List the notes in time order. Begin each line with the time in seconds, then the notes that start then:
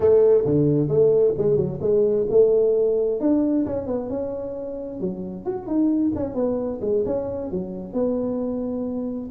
0.00 A3
0.45 D3
0.88 A3
1.37 G#3
1.56 F#3
1.81 G#3
2.30 A3
3.20 D4
3.66 C#4
3.87 B3
4.09 C#4
5.00 F#3
5.45 F#4
5.66 D#4
6.15 C#4
6.34 B3
6.81 G#3
7.05 C#4
7.51 F#3
7.93 B3